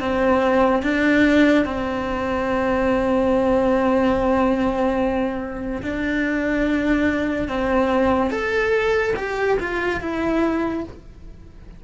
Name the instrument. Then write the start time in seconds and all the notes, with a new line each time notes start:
cello
0.00 C4
0.83 D4
1.65 C4
5.82 D4
7.48 C4
8.31 A4
9.16 G4
9.60 F4
10.01 E4